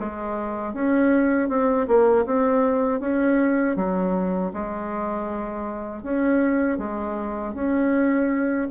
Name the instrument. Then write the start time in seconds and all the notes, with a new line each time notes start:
bassoon
0.00 G#3
0.74 C#4
1.49 C4
1.88 A#3
2.26 C4
3.00 C#4
3.76 F#3
4.54 G#3
6.03 C#4
6.78 G#3
7.54 C#4